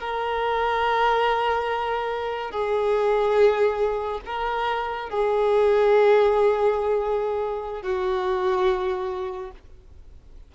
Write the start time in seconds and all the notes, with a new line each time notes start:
0.00 A#4
2.51 G#4
4.26 A#4
5.09 G#4
7.82 F#4